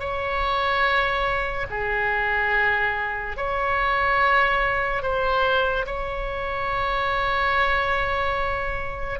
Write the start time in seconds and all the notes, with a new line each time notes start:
0.00 C#5
1.70 G#4
3.37 C#5
5.03 C5
5.86 C#5